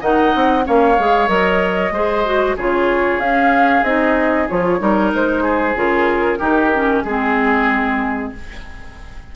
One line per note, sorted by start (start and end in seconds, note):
0.00 0.33 D#3
0.00 0.63 D#4
0.00 0.64 D#5
0.00 0.66 F#5
0.35 0.66 C4
0.63 0.98 A#3
0.63 0.95 C#4
0.63 1.93 C#5
0.63 1.28 F5
0.98 1.28 G#3
0.98 1.27 G#4
1.27 1.91 F#3
1.27 1.91 A#4
1.27 2.55 D#5
1.91 2.54 G#3
1.91 2.25 G#4
1.91 2.56 C5
2.25 2.57 F#4
2.56 3.18 C#3
2.56 3.22 F4
2.56 4.79 G#4
2.56 3.20 C#5
3.18 3.82 C#4
3.18 3.85 C#4
3.18 3.83 F5
3.83 4.47 C4
3.83 4.48 D#4
3.83 4.47 D#5
4.48 4.80 F3
4.48 4.78 F4
4.48 5.12 C#5
4.78 5.12 G3
4.78 5.74 D#4
4.78 5.43 A#4
5.14 5.74 G#3
5.14 5.77 C5
5.43 6.38 G#4
5.74 6.38 C#3
5.74 6.39 F4
5.74 7.02 A#4
6.38 7.03 D#3
6.38 6.71 D#4
6.38 7.02 G4
6.74 7.06 C#4
7.02 8.32 G#3
7.02 8.35 C4
7.02 8.29 G#4
7.02 8.32 G#4